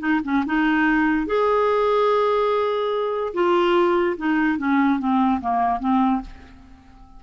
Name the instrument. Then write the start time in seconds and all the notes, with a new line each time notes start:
clarinet
0.00 D#4
0.24 C#4
0.46 D#4
1.27 G#4
3.34 F4
4.17 D#4
4.58 C#4
4.99 C4
5.41 A#3
5.80 C4